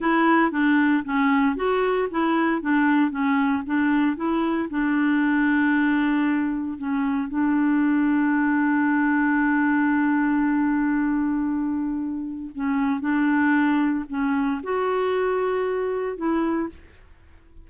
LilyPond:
\new Staff \with { instrumentName = "clarinet" } { \time 4/4 \tempo 4 = 115 e'4 d'4 cis'4 fis'4 | e'4 d'4 cis'4 d'4 | e'4 d'2.~ | d'4 cis'4 d'2~ |
d'1~ | d'1 | cis'4 d'2 cis'4 | fis'2. e'4 | }